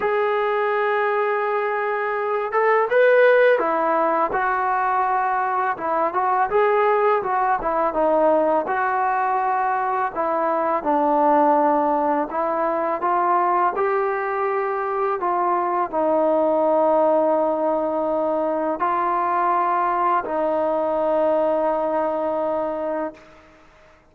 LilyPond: \new Staff \with { instrumentName = "trombone" } { \time 4/4 \tempo 4 = 83 gis'2.~ gis'8 a'8 | b'4 e'4 fis'2 | e'8 fis'8 gis'4 fis'8 e'8 dis'4 | fis'2 e'4 d'4~ |
d'4 e'4 f'4 g'4~ | g'4 f'4 dis'2~ | dis'2 f'2 | dis'1 | }